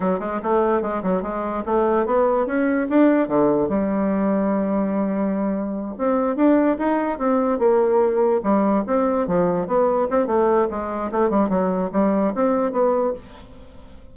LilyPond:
\new Staff \with { instrumentName = "bassoon" } { \time 4/4 \tempo 4 = 146 fis8 gis8 a4 gis8 fis8 gis4 | a4 b4 cis'4 d'4 | d4 g2.~ | g2~ g8 c'4 d'8~ |
d'8 dis'4 c'4 ais4.~ | ais8 g4 c'4 f4 b8~ | b8 c'8 a4 gis4 a8 g8 | fis4 g4 c'4 b4 | }